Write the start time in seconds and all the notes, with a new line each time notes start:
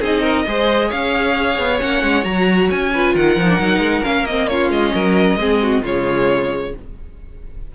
0.00 C4 D#4 G#4 D#5
0.21 A#4
0.46 G#3 G#4 C5
0.88 C#4 C#5 F5
1.58 B3
1.79 A#3 C#4 F#5
2.02 G#3
2.22 F#3 F#4 A#5
2.70 C#4 G#5
2.94 F4 B4
3.14 D#3 A#4 F#5
3.36 F3 D#4
3.48 D4
3.59 F#3 D#4
3.78 G#3
4.02 A#3 C#4 F5
4.25 C4 D#5
4.47 C#4 F4 C#5
4.70 G#3 D#5
4.94 F#3 A#4
5.36 G#3 C4 G#4
5.62 F#4
5.82 C#3 G#3 F4 C#5